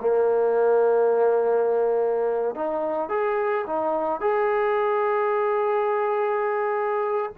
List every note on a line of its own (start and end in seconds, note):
0.00 2.55 A#3
2.55 3.08 D#4
3.08 3.65 G#4
3.66 4.20 D#4
4.20 7.31 G#4